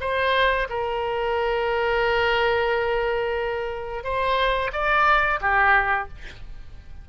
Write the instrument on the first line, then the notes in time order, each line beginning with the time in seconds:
oboe
0.00 C5
0.69 A#4
4.03 C5
4.72 D5
5.41 G4